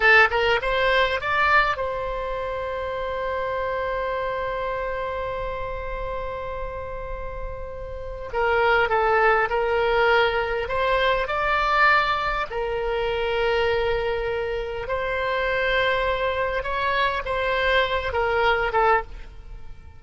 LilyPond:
\new Staff \with { instrumentName = "oboe" } { \time 4/4 \tempo 4 = 101 a'8 ais'8 c''4 d''4 c''4~ | c''1~ | c''1~ | c''2 ais'4 a'4 |
ais'2 c''4 d''4~ | d''4 ais'2.~ | ais'4 c''2. | cis''4 c''4. ais'4 a'8 | }